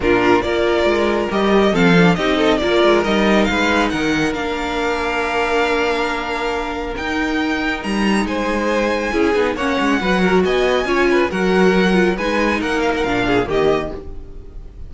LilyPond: <<
  \new Staff \with { instrumentName = "violin" } { \time 4/4 \tempo 4 = 138 ais'4 d''2 dis''4 | f''4 dis''4 d''4 dis''4 | f''4 fis''4 f''2~ | f''1 |
g''2 ais''4 gis''4~ | gis''2 fis''2 | gis''2 fis''2 | gis''4 fis''8 f''16 fis''16 f''4 dis''4 | }
  \new Staff \with { instrumentName = "violin" } { \time 4/4 f'4 ais'2. | a'4 g'8 a'8 ais'2 | b'4 ais'2.~ | ais'1~ |
ais'2. c''4~ | c''4 gis'4 cis''4 b'8 ais'8 | dis''4 cis''8 b'8 ais'2 | b'4 ais'4. gis'8 g'4 | }
  \new Staff \with { instrumentName = "viola" } { \time 4/4 d'4 f'2 g'4 | c'8 d'8 dis'4 f'4 dis'4~ | dis'2 d'2~ | d'1 |
dis'1~ | dis'4 e'8 dis'8 cis'4 fis'4~ | fis'4 f'4 fis'4. f'8 | dis'2 d'4 ais4 | }
  \new Staff \with { instrumentName = "cello" } { \time 4/4 ais,4 ais4 gis4 g4 | f4 c'4 ais8 gis8 g4 | gis4 dis4 ais2~ | ais1 |
dis'2 g4 gis4~ | gis4 cis'8 b8 ais8 gis8 fis4 | b4 cis'4 fis2 | gis4 ais4 ais,4 dis4 | }
>>